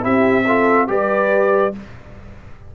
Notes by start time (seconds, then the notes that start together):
0.00 C4 E4 G4 E5
0.46 F4 A4
0.87 G3 G4 B4 D5